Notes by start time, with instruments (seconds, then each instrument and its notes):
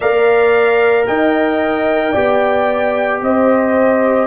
0.00 tuba A#3, trombone A#4, horn D5, trumpet F5
1.06 tuba D#4, horn D#5, trumpet G5
2.12 tuba B3, trombone G4, horn D5
3.21 tuba C4, horn C5, trumpet D#5